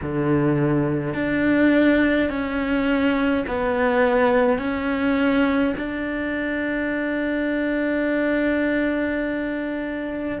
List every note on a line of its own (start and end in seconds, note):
0.02 1.14 D3
1.14 2.29 D4
2.29 3.45 C#4
3.47 4.58 B3
4.58 5.73 C#4
5.77 10.38 D4